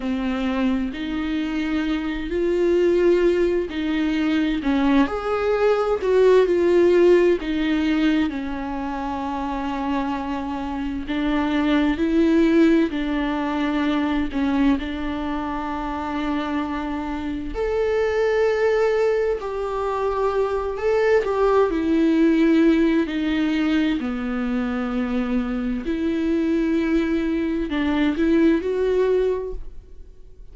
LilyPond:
\new Staff \with { instrumentName = "viola" } { \time 4/4 \tempo 4 = 65 c'4 dis'4. f'4. | dis'4 cis'8 gis'4 fis'8 f'4 | dis'4 cis'2. | d'4 e'4 d'4. cis'8 |
d'2. a'4~ | a'4 g'4. a'8 g'8 e'8~ | e'4 dis'4 b2 | e'2 d'8 e'8 fis'4 | }